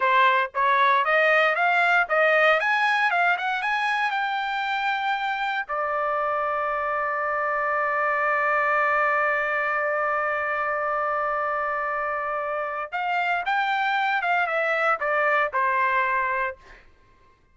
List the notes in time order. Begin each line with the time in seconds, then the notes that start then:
0.00 C5
0.54 C#5
1.05 D#5
1.55 F5
2.08 D#5
2.60 G#5
3.11 F5
3.37 F#5
3.62 G#5
4.10 G5
5.68 D5
12.91 F5
13.45 G5
14.22 F5
14.46 E5
15.00 D5
15.53 C5